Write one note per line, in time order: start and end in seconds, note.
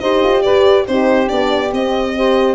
0.00 0.23 D#4
0.00 0.87 G4
0.00 0.43 C5
0.00 0.42 D#5
0.24 0.45 F4
0.42 0.88 G4
0.42 0.86 B4
0.42 0.85 D5
0.87 1.30 C4
0.87 1.27 D#4
0.87 2.16 G4
0.87 1.29 C5
1.27 1.72 B3
1.27 1.70 D4
1.27 1.71 D5
1.72 2.55 C4
1.72 2.16 C4
1.72 2.55 D#5
2.16 2.55 G4
2.16 2.55 C5